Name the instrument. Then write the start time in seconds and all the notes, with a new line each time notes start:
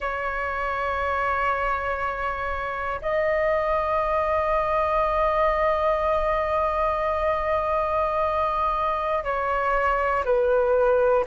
flute
0.00 C#5
3.01 D#5
9.24 C#5
10.25 B4